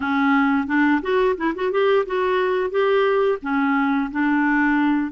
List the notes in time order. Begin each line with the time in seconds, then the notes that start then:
0.00 C#4
0.67 D4
1.02 F#4
1.37 E4
1.55 F#4
1.71 G4
2.05 F#4
2.70 G4
3.42 C#4
4.11 D4